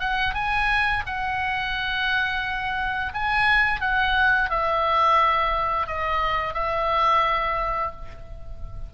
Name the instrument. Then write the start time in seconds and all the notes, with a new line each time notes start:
oboe
0.00 F#5
0.35 G#5
1.07 F#5
3.14 G#5
3.81 F#5
4.50 E5
5.87 D#5
6.54 E5